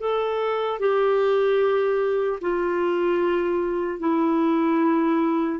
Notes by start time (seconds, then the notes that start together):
0.00 A4
0.80 G4
2.41 F4
4.00 E4